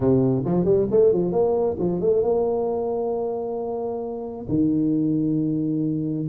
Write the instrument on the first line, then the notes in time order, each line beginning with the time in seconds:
tuba
0.00 C3
0.45 F3
0.64 G3
0.90 A3
1.13 F3
1.32 A#3
1.79 F3
2.00 A3
2.22 A#3
4.48 D#3